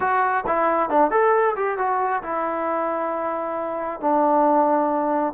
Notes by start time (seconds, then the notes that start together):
0.00 F#4
0.46 E4
0.89 D4
1.10 A4
1.56 G4
1.78 F#4
2.22 E4
4.00 D4